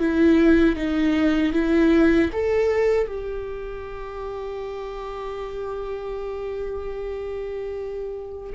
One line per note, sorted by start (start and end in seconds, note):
0.00 0.77 E4
0.77 1.53 D#4
1.53 2.31 E4
2.33 3.08 A4
3.08 8.53 G4